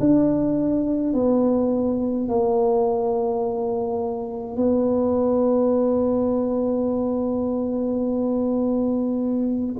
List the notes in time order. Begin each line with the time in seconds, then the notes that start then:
0.00 D4
1.13 B3
2.28 A#3
4.56 B3